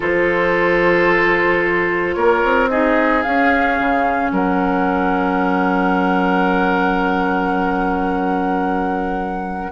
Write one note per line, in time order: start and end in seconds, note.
0.00 2.16 F3
0.00 2.69 F4
0.00 2.15 A4
0.00 2.14 C5
2.14 2.43 A#3
2.14 2.69 A#4
2.14 2.68 C#5
2.43 3.24 C4
2.69 3.24 D#4
2.69 4.32 G#4
2.69 3.22 D#5
3.22 9.72 C#4
3.22 3.79 C#4
3.22 4.30 F5
3.79 4.31 C#3
4.31 9.71 F#3
4.31 9.72 A#4
4.31 9.72 F#5